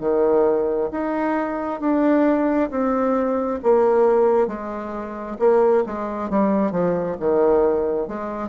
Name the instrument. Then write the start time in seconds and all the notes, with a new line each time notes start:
bassoon
0.00 D#3
0.91 D#4
1.80 D4
2.70 C4
3.63 A#3
4.47 G#3
5.39 A#3
5.86 G#3
6.30 G3
6.71 F3
7.20 D#3
8.08 G#3